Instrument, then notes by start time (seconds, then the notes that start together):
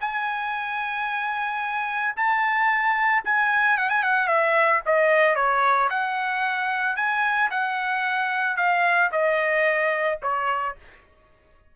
trumpet
0.00 G#5
2.16 A5
3.24 G#5
3.77 F#5
3.89 G#5
4.03 F#5
4.27 E5
4.85 D#5
5.35 C#5
5.90 F#5
6.96 G#5
7.50 F#5
8.56 F5
9.12 D#5
10.22 C#5